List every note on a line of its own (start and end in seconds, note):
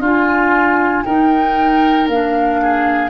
0.00 1.03 D4
0.00 1.04 F4
0.00 1.06 F4
0.00 1.05 G#5
1.05 2.09 D#4
1.05 2.08 D#4
1.05 2.61 A#4
1.05 2.08 G5
2.08 3.10 A#3
2.08 3.10 D4
2.08 3.10 F5
2.62 3.10 G#4